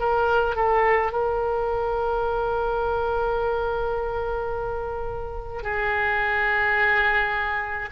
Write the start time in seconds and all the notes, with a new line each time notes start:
0.00 A#4
0.56 A4
1.13 A#4
5.63 G#4